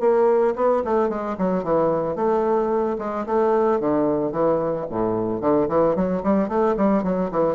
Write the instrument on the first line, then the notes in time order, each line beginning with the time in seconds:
bassoon
0.00 A#3
0.56 B3
0.85 A3
1.09 G#3
1.38 F#3
1.64 E3
2.16 A3
2.99 G#3
3.26 A3
3.80 D3
4.32 E3
4.90 A2
5.41 D3
5.69 E3
5.96 F#3
6.23 G3
6.49 A3
6.77 G3
7.03 F#3
7.31 E3